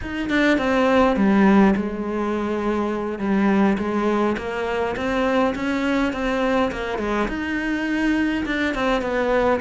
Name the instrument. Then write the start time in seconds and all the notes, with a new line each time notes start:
cello
0.01 D#4
0.29 D4
0.58 C4
1.16 G3
1.76 G#3
3.19 G3
3.78 G#3
4.37 A#3
4.96 C4
5.55 C#4
6.12 C4
6.71 A#3
6.98 G#3
7.28 D#4
8.45 D4
8.74 C4
9.01 B3